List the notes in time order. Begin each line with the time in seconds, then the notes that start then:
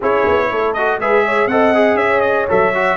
0.00 C#4 E4 G#4 C#5
0.27 B3
0.51 A3 A4
0.73 F#4 D#5
0.98 G#3 G#4 B4 E5
1.25 C#5
1.47 C4 A4 D#5 F#5
1.74 G#4
1.94 C#4 C#5 E5
2.20 D#5
2.48 F#3 A4 E5
2.74 F#4